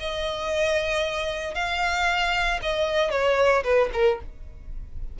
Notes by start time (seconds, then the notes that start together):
0.00 D#5
1.55 F5
2.62 D#5
3.11 C#5
3.64 B4
3.93 A#4